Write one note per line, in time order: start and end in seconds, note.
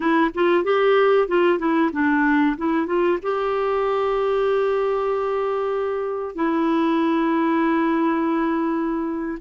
0.00 0.30 E4
0.34 0.64 F4
0.64 1.28 G4
1.28 1.58 F4
1.58 1.90 E4
1.92 2.56 D4
2.57 2.86 E4
2.86 3.18 F4
3.22 6.35 G4
6.35 9.38 E4